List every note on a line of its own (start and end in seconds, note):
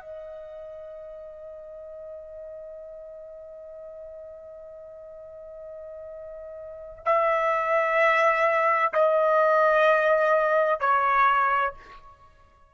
0.00 7.03 D#5
7.05 8.93 E5
8.93 10.80 D#5
10.80 11.74 C#5